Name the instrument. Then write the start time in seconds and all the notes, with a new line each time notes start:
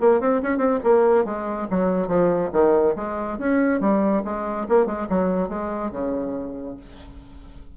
bassoon
0.00 A#3
0.20 C4
0.42 C#4
0.57 C4
0.83 A#3
1.25 G#3
1.70 F#3
2.07 F3
2.52 D#3
2.95 G#3
3.38 C#4
3.80 G3
4.24 G#3
4.68 A#3
4.86 G#3
5.09 F#3
5.48 G#3
5.91 C#3